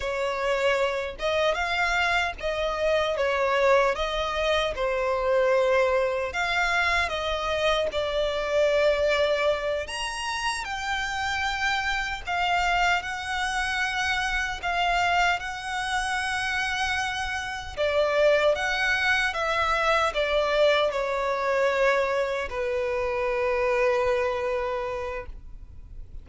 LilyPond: \new Staff \with { instrumentName = "violin" } { \time 4/4 \tempo 4 = 76 cis''4. dis''8 f''4 dis''4 | cis''4 dis''4 c''2 | f''4 dis''4 d''2~ | d''8 ais''4 g''2 f''8~ |
f''8 fis''2 f''4 fis''8~ | fis''2~ fis''8 d''4 fis''8~ | fis''8 e''4 d''4 cis''4.~ | cis''8 b'2.~ b'8 | }